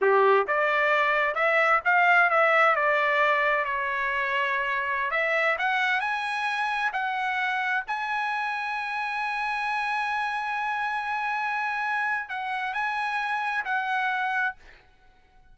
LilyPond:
\new Staff \with { instrumentName = "trumpet" } { \time 4/4 \tempo 4 = 132 g'4 d''2 e''4 | f''4 e''4 d''2 | cis''2.~ cis''16 e''8.~ | e''16 fis''4 gis''2 fis''8.~ |
fis''4~ fis''16 gis''2~ gis''8.~ | gis''1~ | gis''2. fis''4 | gis''2 fis''2 | }